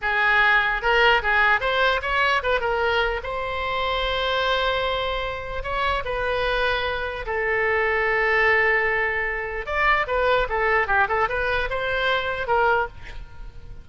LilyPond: \new Staff \with { instrumentName = "oboe" } { \time 4/4 \tempo 4 = 149 gis'2 ais'4 gis'4 | c''4 cis''4 b'8 ais'4. | c''1~ | c''2 cis''4 b'4~ |
b'2 a'2~ | a'1 | d''4 b'4 a'4 g'8 a'8 | b'4 c''2 ais'4 | }